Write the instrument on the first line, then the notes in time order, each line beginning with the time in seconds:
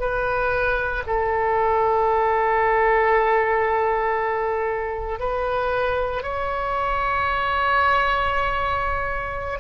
oboe
0.00 B4
1.07 A4
5.20 B4
6.23 C#5